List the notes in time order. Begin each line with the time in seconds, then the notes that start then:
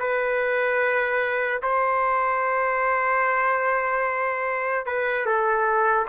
0.00 B4
1.63 C5
4.86 B4
5.26 A4